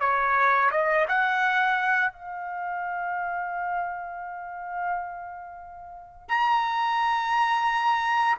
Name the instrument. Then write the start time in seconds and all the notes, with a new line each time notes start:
trumpet
0.00 C#5
0.71 D#5
1.08 F#5
2.12 F5
6.28 A#5